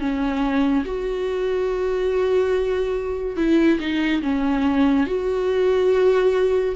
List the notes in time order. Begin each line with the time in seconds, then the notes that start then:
0.00 C#4
0.85 F#4
3.37 E4
3.80 D#4
4.23 C#4
5.07 F#4